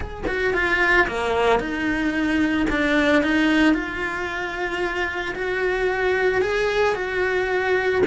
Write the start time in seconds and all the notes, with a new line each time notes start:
0.00 G#4
0.27 F#4
0.53 F4
1.07 A#3
1.59 D#4
2.69 D4
3.23 D#4
3.74 F4
5.35 F#4
6.41 G#4
6.95 F#4